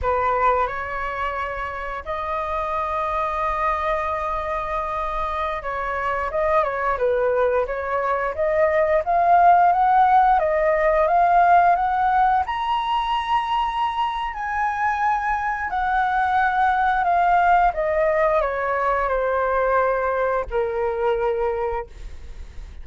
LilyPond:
\new Staff \with { instrumentName = "flute" } { \time 4/4 \tempo 4 = 88 b'4 cis''2 dis''4~ | dis''1~ | dis''16 cis''4 dis''8 cis''8 b'4 cis''8.~ | cis''16 dis''4 f''4 fis''4 dis''8.~ |
dis''16 f''4 fis''4 ais''4.~ ais''16~ | ais''4 gis''2 fis''4~ | fis''4 f''4 dis''4 cis''4 | c''2 ais'2 | }